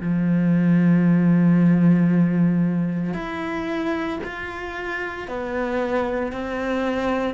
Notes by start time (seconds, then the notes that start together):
0.00 F3
3.13 E4
4.23 F4
5.27 B3
6.32 C4